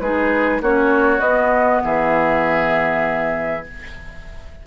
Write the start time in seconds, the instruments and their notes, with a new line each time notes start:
0.00 bassoon G#3, clarinet D#4, oboe G#4, flute B4
0.61 bassoon A#3, clarinet C#4, oboe F#4, flute C#5
1.19 clarinet B3, bassoon B3, flute D#5
1.84 bassoon E3, oboe G#4, flute E5